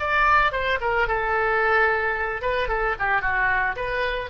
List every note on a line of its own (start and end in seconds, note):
0.00 0.52 D5
0.52 0.79 C5
0.81 1.08 A#4
1.08 2.42 A4
2.42 2.69 B4
2.69 2.96 A4
3.00 3.22 G4
3.22 3.76 F#4
3.76 4.30 B4